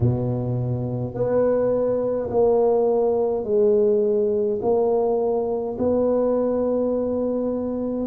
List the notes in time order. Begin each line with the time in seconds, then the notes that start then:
0.00 B2
1.14 B3
2.30 A#3
3.44 G#3
4.61 A#3
5.78 B3